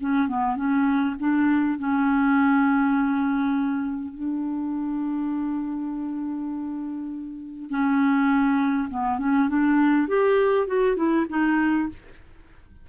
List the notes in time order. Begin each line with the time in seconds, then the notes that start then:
0.00 C#4
0.28 B3
0.56 C#4
1.19 D4
1.79 C#4
4.14 D4
7.70 C#4
8.90 B3
9.19 C#4
9.49 D4
10.08 G4
10.67 F#4
10.96 E4
11.29 D#4